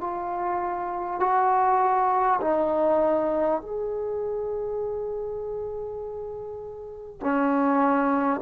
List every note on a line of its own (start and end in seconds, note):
0.00 1.19 F4
1.19 2.39 F#4
2.41 3.61 D#4
3.61 7.20 G#4
7.20 8.40 C#4